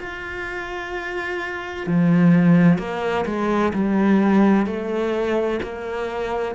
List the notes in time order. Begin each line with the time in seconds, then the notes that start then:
0.00 F4
1.87 F3
2.78 A#3
3.26 G#3
3.74 G3
4.66 A3
5.62 A#3